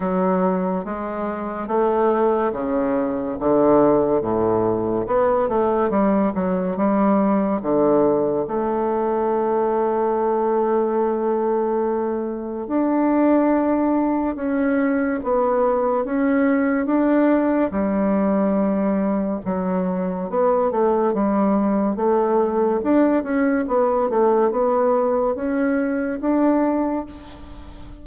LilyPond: \new Staff \with { instrumentName = "bassoon" } { \time 4/4 \tempo 4 = 71 fis4 gis4 a4 cis4 | d4 a,4 b8 a8 g8 fis8 | g4 d4 a2~ | a2. d'4~ |
d'4 cis'4 b4 cis'4 | d'4 g2 fis4 | b8 a8 g4 a4 d'8 cis'8 | b8 a8 b4 cis'4 d'4 | }